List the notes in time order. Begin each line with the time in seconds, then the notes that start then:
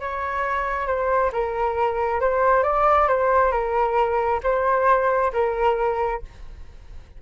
0.00 C#5
0.87 C5
1.33 A#4
2.21 C5
2.64 D5
3.08 C5
3.52 A#4
4.43 C5
5.33 A#4